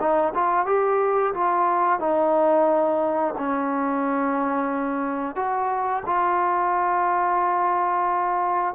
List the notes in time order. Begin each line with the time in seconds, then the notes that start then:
0.00 D#4
0.35 F4
0.66 G4
1.34 F4
2.00 D#4
3.38 C#4
5.36 F#4
6.06 F4